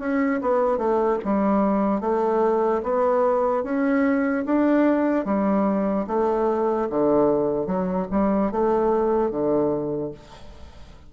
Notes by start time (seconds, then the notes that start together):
0.00 C#4
0.42 B3
0.78 A3
1.25 G3
2.01 A3
2.83 B3
3.64 C#4
4.46 D4
5.26 G3
6.07 A3
6.90 D3
7.67 F#3
8.11 G3
8.52 A3
9.31 D3